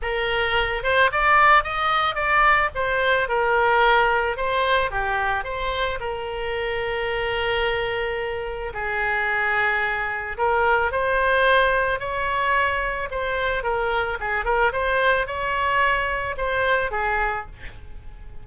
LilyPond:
\new Staff \with { instrumentName = "oboe" } { \time 4/4 \tempo 4 = 110 ais'4. c''8 d''4 dis''4 | d''4 c''4 ais'2 | c''4 g'4 c''4 ais'4~ | ais'1 |
gis'2. ais'4 | c''2 cis''2 | c''4 ais'4 gis'8 ais'8 c''4 | cis''2 c''4 gis'4 | }